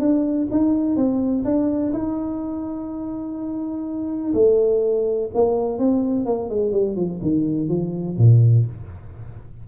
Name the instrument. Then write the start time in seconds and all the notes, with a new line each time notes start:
tuba
0.00 D4
0.51 D#4
0.96 C4
1.45 D4
1.94 D#4
4.34 A3
5.34 A#3
5.79 C4
6.26 A#3
6.50 G#3
6.72 G3
6.96 F3
7.22 D#3
7.69 F3
8.18 A#2